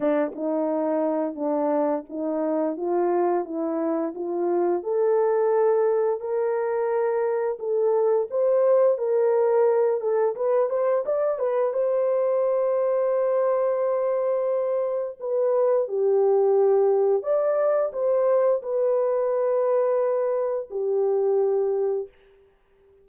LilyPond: \new Staff \with { instrumentName = "horn" } { \time 4/4 \tempo 4 = 87 d'8 dis'4. d'4 dis'4 | f'4 e'4 f'4 a'4~ | a'4 ais'2 a'4 | c''4 ais'4. a'8 b'8 c''8 |
d''8 b'8 c''2.~ | c''2 b'4 g'4~ | g'4 d''4 c''4 b'4~ | b'2 g'2 | }